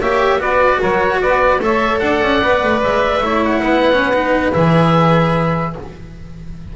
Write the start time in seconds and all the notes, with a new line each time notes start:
0.00 A#3 G4 C#5 E5
0.39 B3 F#4 B4 D5
0.79 F#3 A#4 C#5
1.22 B3 B4 D5
1.60 A3 A4 C#5 E5
2.00 D4 D5 F#5
2.23 C#4
2.43 B3 B4
2.63 A3
2.84 G#3 E5
3.21 A3 E4 C#5
3.45 F#5
3.63 B3 B4
3.94 C#4
4.14 D#4
4.53 E3 G#4 E5